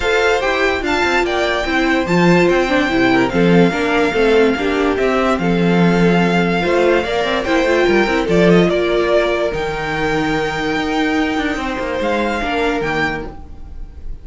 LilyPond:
<<
  \new Staff \with { instrumentName = "violin" } { \time 4/4 \tempo 4 = 145 f''4 g''4 a''4 g''4~ | g''4 a''4 g''2 | f''1 | e''4 f''2.~ |
f''2 g''2 | d''8 dis''8 d''2 g''4~ | g''1~ | g''4 f''2 g''4 | }
  \new Staff \with { instrumentName = "violin" } { \time 4/4 c''2 f''4 d''4 | c''2.~ c''8 ais'8 | a'4 ais'4 a'4 g'4~ | g'4 a'2. |
c''4 d''4 c''4 ais'4 | a'4 ais'2.~ | ais'1 | c''2 ais'2 | }
  \new Staff \with { instrumentName = "viola" } { \time 4/4 a'4 g'4 f'2 | e'4 f'4. d'8 e'4 | c'4 d'4 c'4 d'4 | c'1 |
f'4 ais'4 e'8 f'4 e'8 | f'2. dis'4~ | dis'1~ | dis'2 d'4 ais4 | }
  \new Staff \with { instrumentName = "cello" } { \time 4/4 f'4 e'4 d'8 c'8 ais4 | c'4 f4 c'4 c4 | f4 ais4 a4 ais4 | c'4 f2. |
a4 ais8 c'8 ais8 a8 g8 c'8 | f4 ais2 dis4~ | dis2 dis'4. d'8 | c'8 ais8 gis4 ais4 dis4 | }
>>